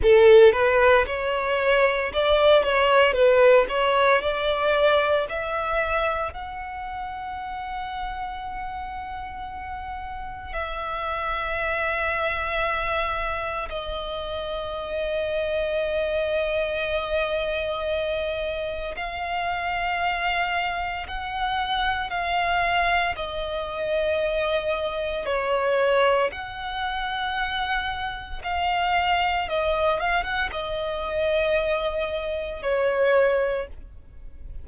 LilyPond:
\new Staff \with { instrumentName = "violin" } { \time 4/4 \tempo 4 = 57 a'8 b'8 cis''4 d''8 cis''8 b'8 cis''8 | d''4 e''4 fis''2~ | fis''2 e''2~ | e''4 dis''2.~ |
dis''2 f''2 | fis''4 f''4 dis''2 | cis''4 fis''2 f''4 | dis''8 f''16 fis''16 dis''2 cis''4 | }